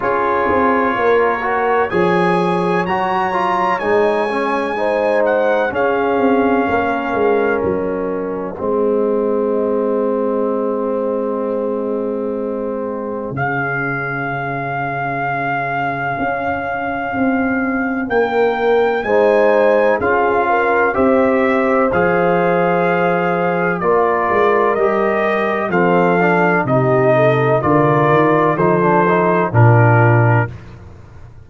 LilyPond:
<<
  \new Staff \with { instrumentName = "trumpet" } { \time 4/4 \tempo 4 = 63 cis''2 gis''4 ais''4 | gis''4. fis''8 f''2 | dis''1~ | dis''2 f''2~ |
f''2. g''4 | gis''4 f''4 e''4 f''4~ | f''4 d''4 dis''4 f''4 | dis''4 d''4 c''4 ais'4 | }
  \new Staff \with { instrumentName = "horn" } { \time 4/4 gis'4 ais'4 cis''2~ | cis''4 c''4 gis'4 ais'4~ | ais'4 gis'2.~ | gis'1~ |
gis'2. ais'4 | c''4 gis'8 ais'8 c''2~ | c''4 ais'2 a'4 | g'8 a'8 ais'4 a'4 f'4 | }
  \new Staff \with { instrumentName = "trombone" } { \time 4/4 f'4. fis'8 gis'4 fis'8 f'8 | dis'8 cis'8 dis'4 cis'2~ | cis'4 c'2.~ | c'2 cis'2~ |
cis'1 | dis'4 f'4 g'4 gis'4~ | gis'4 f'4 g'4 c'8 d'8 | dis'4 f'4 dis'16 d'16 dis'8 d'4 | }
  \new Staff \with { instrumentName = "tuba" } { \time 4/4 cis'8 c'8 ais4 f4 fis4 | gis2 cis'8 c'8 ais8 gis8 | fis4 gis2.~ | gis2 cis2~ |
cis4 cis'4 c'4 ais4 | gis4 cis'4 c'4 f4~ | f4 ais8 gis8 g4 f4 | c4 d8 dis8 f4 ais,4 | }
>>